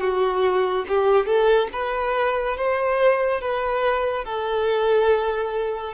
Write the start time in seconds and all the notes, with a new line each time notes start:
0.00 F#4
0.88 G4
1.26 A4
1.72 B4
2.57 C5
3.41 B4
4.24 A4